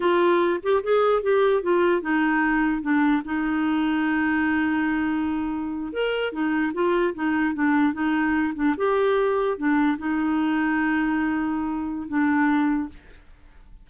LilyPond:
\new Staff \with { instrumentName = "clarinet" } { \time 4/4 \tempo 4 = 149 f'4. g'8 gis'4 g'4 | f'4 dis'2 d'4 | dis'1~ | dis'2~ dis'8. ais'4 dis'16~ |
dis'8. f'4 dis'4 d'4 dis'16~ | dis'4~ dis'16 d'8 g'2 d'16~ | d'8. dis'2.~ dis'16~ | dis'2 d'2 | }